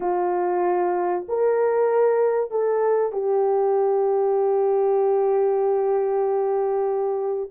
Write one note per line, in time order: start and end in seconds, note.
0.00 1.25 F4
1.28 2.51 A#4
2.51 3.12 A4
3.12 7.49 G4